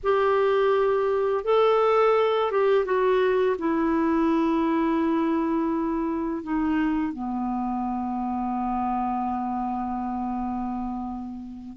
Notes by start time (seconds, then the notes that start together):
0.03 G4
1.44 A4
2.51 G4
2.85 F#4
3.58 E4
6.43 D#4
7.12 B3